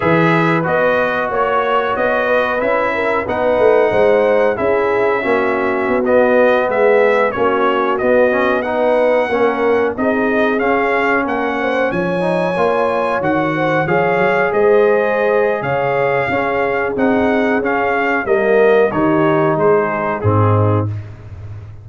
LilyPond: <<
  \new Staff \with { instrumentName = "trumpet" } { \time 4/4 \tempo 4 = 92 e''4 dis''4 cis''4 dis''4 | e''4 fis''2 e''4~ | e''4~ e''16 dis''4 e''4 cis''8.~ | cis''16 dis''4 fis''2 dis''8.~ |
dis''16 f''4 fis''4 gis''4.~ gis''16~ | gis''16 fis''4 f''4 dis''4.~ dis''16 | f''2 fis''4 f''4 | dis''4 cis''4 c''4 gis'4 | }
  \new Staff \with { instrumentName = "horn" } { \time 4/4 b'2 cis''4. b'8~ | b'8 ais'8 b'4 c''4 gis'4 | fis'2~ fis'16 gis'4 fis'8.~ | fis'4~ fis'16 b'4 ais'4 gis'8.~ |
gis'4~ gis'16 ais'8 c''8 cis''4.~ cis''16~ | cis''8. c''8 cis''4 c''4.~ c''16 | cis''4 gis'2. | ais'4 g'4 gis'4 dis'4 | }
  \new Staff \with { instrumentName = "trombone" } { \time 4/4 gis'4 fis'2. | e'4 dis'2 e'4 | cis'4~ cis'16 b2 cis'8.~ | cis'16 b8 cis'8 dis'4 cis'4 dis'8.~ |
dis'16 cis'2~ cis'8 dis'8 f'8.~ | f'16 fis'4 gis'2~ gis'8.~ | gis'4 cis'4 dis'4 cis'4 | ais4 dis'2 c'4 | }
  \new Staff \with { instrumentName = "tuba" } { \time 4/4 e4 b4 ais4 b4 | cis'4 b8 a8 gis4 cis'4 | ais4 b4~ b16 gis4 ais8.~ | ais16 b2 ais4 c'8.~ |
c'16 cis'4 ais4 f4 ais8.~ | ais16 dis4 f8 fis8 gis4.~ gis16 | cis4 cis'4 c'4 cis'4 | g4 dis4 gis4 gis,4 | }
>>